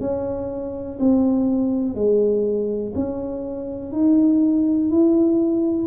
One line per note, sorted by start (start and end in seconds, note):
0.00 0.98 C#4
0.99 1.95 C4
1.95 2.93 G#3
2.95 3.92 C#4
3.92 4.90 D#4
4.90 5.87 E4